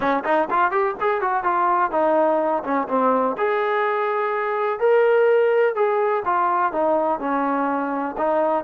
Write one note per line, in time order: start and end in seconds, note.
0.00 0.23 C#4
0.24 0.48 D#4
0.50 0.71 F4
0.71 0.95 G4
1.00 1.21 G#4
1.21 1.43 F#4
1.43 1.91 F4
1.91 2.63 D#4
2.63 2.87 C#4
2.88 3.36 C4
3.37 4.79 G#4
4.79 5.75 A#4
5.75 6.23 G#4
6.25 6.72 F4
6.72 7.19 D#4
7.19 8.15 C#4
8.17 8.64 D#4